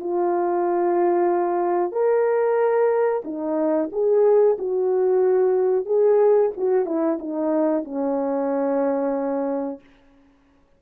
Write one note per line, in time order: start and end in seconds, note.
0.00 1.92 F4
1.92 3.22 A#4
3.24 3.89 D#4
3.92 4.57 G#4
4.58 5.85 F#4
5.85 6.51 G#4
6.56 6.85 F#4
6.85 7.18 E4
7.19 7.84 D#4
7.84 9.80 C#4